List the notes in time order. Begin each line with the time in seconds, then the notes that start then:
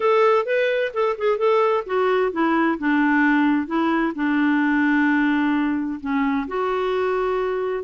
0.00 A4
0.45 B4
0.93 A4
1.17 G#4
1.37 A4
1.86 F#4
2.32 E4
2.78 D4
3.67 E4
4.15 D4
6.00 C#4
6.47 F#4